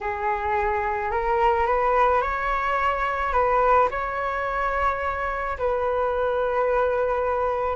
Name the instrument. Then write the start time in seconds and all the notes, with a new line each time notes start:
flute
0.00 G#4
1.11 A#4
1.66 B4
2.21 C#5
3.33 B4
3.90 C#5
5.58 B4